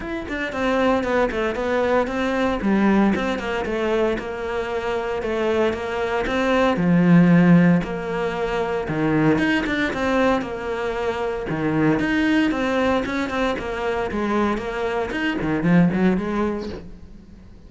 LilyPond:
\new Staff \with { instrumentName = "cello" } { \time 4/4 \tempo 4 = 115 e'8 d'8 c'4 b8 a8 b4 | c'4 g4 c'8 ais8 a4 | ais2 a4 ais4 | c'4 f2 ais4~ |
ais4 dis4 dis'8 d'8 c'4 | ais2 dis4 dis'4 | c'4 cis'8 c'8 ais4 gis4 | ais4 dis'8 dis8 f8 fis8 gis4 | }